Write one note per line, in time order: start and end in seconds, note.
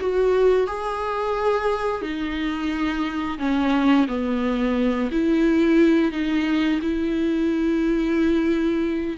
0.00 0.67 F#4
0.67 2.02 G#4
2.02 3.38 D#4
3.39 4.07 C#4
4.08 5.10 B3
5.12 6.12 E4
6.12 6.80 D#4
6.82 9.18 E4